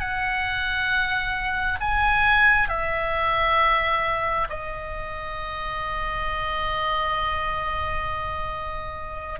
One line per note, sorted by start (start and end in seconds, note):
0.00 1.79 F#5
1.80 2.68 G#5
2.68 4.47 E5
4.49 9.39 D#5